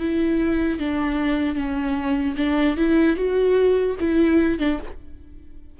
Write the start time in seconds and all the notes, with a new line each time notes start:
0.00 E4
0.79 D4
1.55 C#4
2.37 D4
2.77 E4
3.17 F#4
4.00 E4
4.59 D4